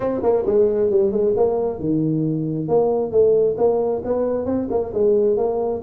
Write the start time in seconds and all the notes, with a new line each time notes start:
0.00 C4
0.22 A#3
0.46 G#3
0.90 G3
1.11 G#3
1.36 A#3
1.79 D#3
2.67 A#3
3.11 A3
3.57 A#3
4.04 B3
4.45 C4
4.70 A#3
4.93 G#3
5.36 A#3